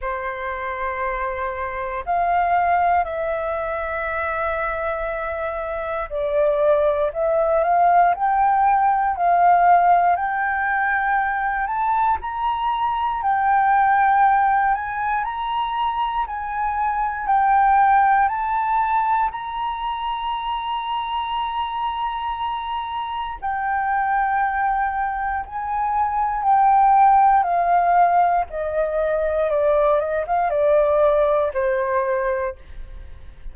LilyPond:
\new Staff \with { instrumentName = "flute" } { \time 4/4 \tempo 4 = 59 c''2 f''4 e''4~ | e''2 d''4 e''8 f''8 | g''4 f''4 g''4. a''8 | ais''4 g''4. gis''8 ais''4 |
gis''4 g''4 a''4 ais''4~ | ais''2. g''4~ | g''4 gis''4 g''4 f''4 | dis''4 d''8 dis''16 f''16 d''4 c''4 | }